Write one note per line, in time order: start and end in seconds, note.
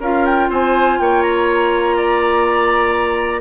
0.00 0.49 C#4
0.00 3.42 F4
0.00 0.49 A#4
0.00 0.26 F5
0.26 0.50 G5
0.50 0.98 C4
0.50 0.99 C5
0.50 1.00 G#5
1.00 3.42 A#3
1.00 1.97 C#5
1.00 1.23 G5
1.23 3.42 A#5
1.97 3.42 D5